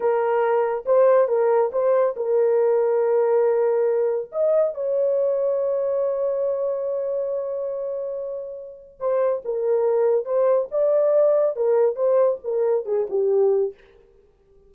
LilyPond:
\new Staff \with { instrumentName = "horn" } { \time 4/4 \tempo 4 = 140 ais'2 c''4 ais'4 | c''4 ais'2.~ | ais'2 dis''4 cis''4~ | cis''1~ |
cis''1~ | cis''4 c''4 ais'2 | c''4 d''2 ais'4 | c''4 ais'4 gis'8 g'4. | }